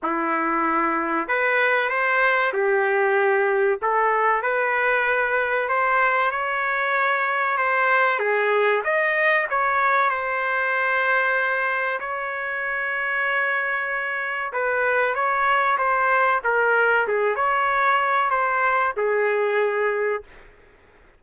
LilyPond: \new Staff \with { instrumentName = "trumpet" } { \time 4/4 \tempo 4 = 95 e'2 b'4 c''4 | g'2 a'4 b'4~ | b'4 c''4 cis''2 | c''4 gis'4 dis''4 cis''4 |
c''2. cis''4~ | cis''2. b'4 | cis''4 c''4 ais'4 gis'8 cis''8~ | cis''4 c''4 gis'2 | }